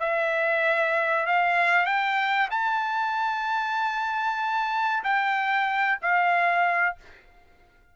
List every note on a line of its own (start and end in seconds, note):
0.00 1.26 E5
1.26 1.85 F5
1.85 2.49 G5
2.51 5.03 A5
5.04 5.99 G5
6.02 6.96 F5